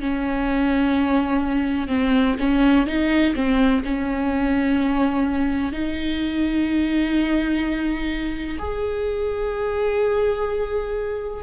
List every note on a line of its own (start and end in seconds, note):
0.00 1.87 C#4
1.87 2.35 C4
2.39 2.87 C#4
2.87 3.34 D#4
3.35 3.82 C4
3.84 5.72 C#4
5.72 8.58 D#4
8.58 11.43 G#4